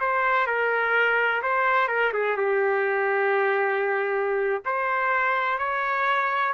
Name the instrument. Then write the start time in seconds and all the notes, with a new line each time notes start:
trumpet
0.00 C5
0.47 A#4
1.42 C5
1.88 A#4
2.13 G#4
2.37 G4
4.65 C5
5.58 C#5